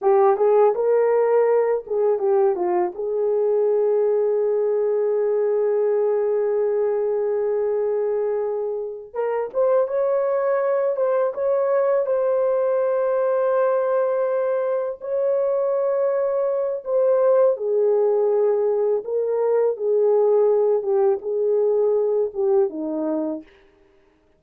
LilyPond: \new Staff \with { instrumentName = "horn" } { \time 4/4 \tempo 4 = 82 g'8 gis'8 ais'4. gis'8 g'8 f'8 | gis'1~ | gis'1~ | gis'8 ais'8 c''8 cis''4. c''8 cis''8~ |
cis''8 c''2.~ c''8~ | c''8 cis''2~ cis''8 c''4 | gis'2 ais'4 gis'4~ | gis'8 g'8 gis'4. g'8 dis'4 | }